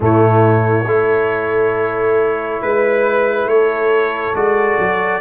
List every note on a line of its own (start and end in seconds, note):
0.00 0.86 A2
0.00 0.84 A3
0.00 0.89 E4
0.00 2.62 C#5
0.86 2.59 A3
0.86 4.34 E4
0.86 2.62 A4
2.61 3.45 G#3
2.61 3.48 B4
2.61 3.49 B4
3.45 4.32 A3
3.45 5.20 A4
3.45 4.35 C#5
4.34 4.77 G#3
4.34 5.20 F#4
4.34 5.20 D5
4.78 5.20 F#3